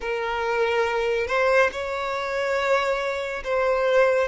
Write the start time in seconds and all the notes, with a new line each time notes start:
0.00 A#4
1.27 C5
1.71 C#5
3.44 C5